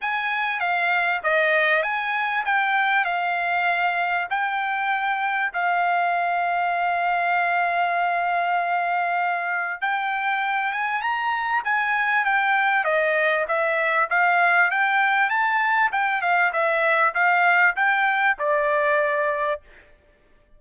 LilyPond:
\new Staff \with { instrumentName = "trumpet" } { \time 4/4 \tempo 4 = 98 gis''4 f''4 dis''4 gis''4 | g''4 f''2 g''4~ | g''4 f''2.~ | f''1 |
g''4. gis''8 ais''4 gis''4 | g''4 dis''4 e''4 f''4 | g''4 a''4 g''8 f''8 e''4 | f''4 g''4 d''2 | }